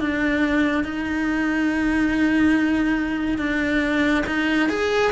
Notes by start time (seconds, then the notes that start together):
0.00 D4
0.84 D#4
3.38 D4
4.26 D#4
4.69 G#4